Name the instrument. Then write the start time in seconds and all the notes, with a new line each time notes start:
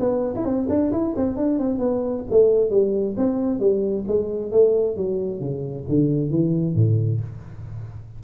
tuba
0.00 B3
0.35 E4
0.45 C4
0.69 D4
0.92 E4
1.16 C4
1.37 D4
1.59 C4
1.79 B3
2.31 A3
2.70 G3
3.17 C4
3.60 G3
4.07 G#3
4.52 A3
4.97 F#3
5.40 C#3
5.89 D3
6.30 E3
6.75 A2